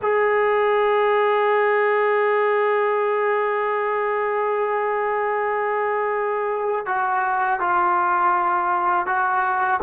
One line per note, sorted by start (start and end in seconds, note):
0.02 6.86 G#4
6.86 7.59 F#4
7.59 9.06 F4
9.06 9.80 F#4